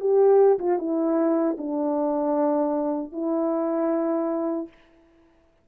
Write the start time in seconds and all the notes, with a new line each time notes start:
0.00 G4
0.59 F4
0.79 E4
1.58 D4
3.12 E4